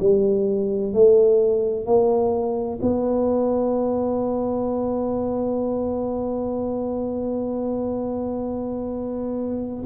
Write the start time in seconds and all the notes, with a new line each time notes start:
0.00 G3
0.94 A3
1.86 A#3
2.82 B3